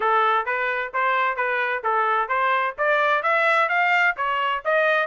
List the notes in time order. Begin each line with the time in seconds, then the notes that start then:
0.00 A4
0.45 B4
0.93 C5
1.36 B4
1.83 A4
2.28 C5
2.78 D5
3.23 E5
3.69 F5
4.16 C#5
4.64 D#5